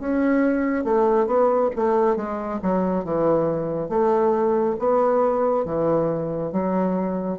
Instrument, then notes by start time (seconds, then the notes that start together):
bassoon
0.00 C#4
0.85 A3
1.27 B3
1.76 A3
2.17 G#3
2.63 F#3
3.04 E3
3.89 A3
4.79 B3
5.66 E3
6.53 F#3